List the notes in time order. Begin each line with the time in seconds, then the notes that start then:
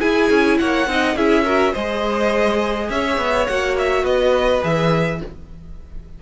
0.00 E4 G#4 G#5
0.30 C#4
0.59 A#3 C#5 F#5
0.87 C4 D#4 D#5
1.16 C#4 E4 G#4 E5
1.44 F#4 A#4
1.72 G#3 G#4 C5 D#5
2.90 C#4 C#5 E5
3.18 B3
3.47 A#3 F#4 F#5
3.78 E5
4.03 B3 B4 D#5
4.61 E3 G#4 E5